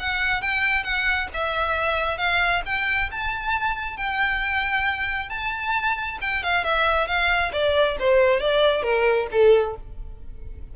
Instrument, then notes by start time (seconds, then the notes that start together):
violin
0.00 F#5
0.42 G5
0.84 F#5
1.34 E5
2.18 F5
2.66 G5
3.12 A5
3.97 G5
5.30 A5
6.22 G5
6.44 F5
6.65 E5
7.08 F5
7.53 D5
8.00 C5
8.41 D5
8.83 A#4
9.32 A4